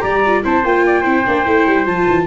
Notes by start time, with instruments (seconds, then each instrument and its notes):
0.00 tuba G3, viola G4, trumpet D5, flute A#5
0.26 viola F4
0.43 tuba C4, viola E4, trumpet C5, flute A5
0.64 tuba A#3, viola F4, flute G5
0.86 trumpet D5
1.01 tuba C4, viola E4, trumpet C5
1.26 tuba A#3, viola D4
1.45 tuba A3, viola E4
1.67 tuba G3
1.86 tuba F3, viola F4, flute A5
2.07 tuba E3